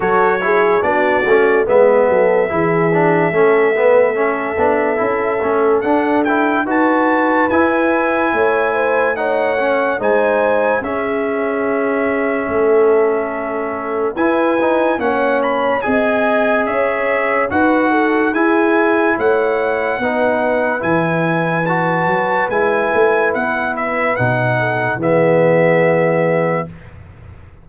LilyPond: <<
  \new Staff \with { instrumentName = "trumpet" } { \time 4/4 \tempo 4 = 72 cis''4 d''4 e''2~ | e''2. fis''8 g''8 | a''4 gis''2 fis''4 | gis''4 e''2.~ |
e''4 gis''4 fis''8 b''8 gis''4 | e''4 fis''4 gis''4 fis''4~ | fis''4 gis''4 a''4 gis''4 | fis''8 e''8 fis''4 e''2 | }
  \new Staff \with { instrumentName = "horn" } { \time 4/4 a'8 gis'8 fis'4 b'8 a'8 gis'4 | a'8 b'8 a'2. | b'2 cis''8 c''8 cis''4 | c''4 gis'2 a'4~ |
a'4 b'4 cis''4 dis''4 | cis''4 b'8 a'8 gis'4 cis''4 | b'1~ | b'4. a'8 gis'2 | }
  \new Staff \with { instrumentName = "trombone" } { \time 4/4 fis'8 e'8 d'8 cis'8 b4 e'8 d'8 | cis'8 b8 cis'8 d'8 e'8 cis'8 d'8 e'8 | fis'4 e'2 dis'8 cis'8 | dis'4 cis'2.~ |
cis'4 e'8 dis'8 cis'4 gis'4~ | gis'4 fis'4 e'2 | dis'4 e'4 fis'4 e'4~ | e'4 dis'4 b2 | }
  \new Staff \with { instrumentName = "tuba" } { \time 4/4 fis4 b8 a8 gis8 fis8 e4 | a4. b8 cis'8 a8 d'4 | dis'4 e'4 a2 | gis4 cis'2 a4~ |
a4 e'4 ais4 c'4 | cis'4 dis'4 e'4 a4 | b4 e4. fis8 gis8 a8 | b4 b,4 e2 | }
>>